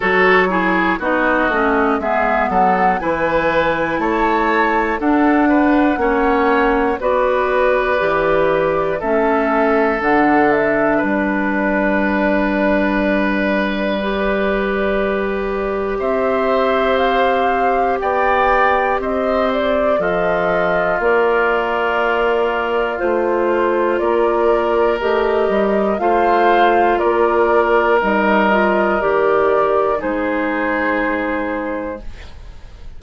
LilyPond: <<
  \new Staff \with { instrumentName = "flute" } { \time 4/4 \tempo 4 = 60 cis''4 dis''4 e''8 fis''8 gis''4 | a''4 fis''2 d''4~ | d''4 e''4 fis''8 e''8 d''4~ | d''1 |
e''4 f''4 g''4 dis''8 d''8 | dis''4 d''2 c''4 | d''4 dis''4 f''4 d''4 | dis''4 d''4 c''2 | }
  \new Staff \with { instrumentName = "oboe" } { \time 4/4 a'8 gis'8 fis'4 gis'8 a'8 b'4 | cis''4 a'8 b'8 cis''4 b'4~ | b'4 a'2 b'4~ | b'1 |
c''2 d''4 c''4 | f'1 | ais'2 c''4 ais'4~ | ais'2 gis'2 | }
  \new Staff \with { instrumentName = "clarinet" } { \time 4/4 fis'8 e'8 dis'8 cis'8 b4 e'4~ | e'4 d'4 cis'4 fis'4 | g'4 cis'4 d'2~ | d'2 g'2~ |
g'1 | a'4 ais'2 f'4~ | f'4 g'4 f'2 | dis'8 f'8 g'4 dis'2 | }
  \new Staff \with { instrumentName = "bassoon" } { \time 4/4 fis4 b8 a8 gis8 fis8 e4 | a4 d'4 ais4 b4 | e4 a4 d4 g4~ | g1 |
c'2 b4 c'4 | f4 ais2 a4 | ais4 a8 g8 a4 ais4 | g4 dis4 gis2 | }
>>